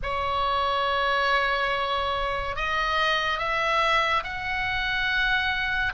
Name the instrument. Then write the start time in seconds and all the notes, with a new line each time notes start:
oboe
0.02 C#5
2.55 D#5
3.38 E5
4.23 F#5